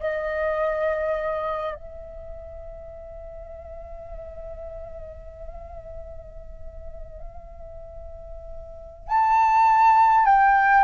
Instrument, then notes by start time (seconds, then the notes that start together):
flute
0.00 D#5
1.75 E5
9.09 A5
10.25 G5